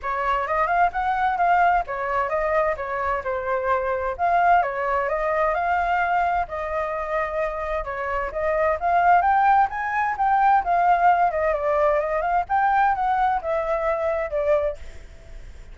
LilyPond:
\new Staff \with { instrumentName = "flute" } { \time 4/4 \tempo 4 = 130 cis''4 dis''8 f''8 fis''4 f''4 | cis''4 dis''4 cis''4 c''4~ | c''4 f''4 cis''4 dis''4 | f''2 dis''2~ |
dis''4 cis''4 dis''4 f''4 | g''4 gis''4 g''4 f''4~ | f''8 dis''8 d''4 dis''8 f''8 g''4 | fis''4 e''2 d''4 | }